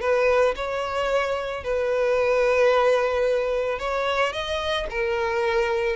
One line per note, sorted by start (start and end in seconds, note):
0.00 0.54 B4
0.55 1.63 C#5
1.63 3.78 B4
3.78 4.32 C#5
4.32 4.86 D#5
4.90 5.96 A#4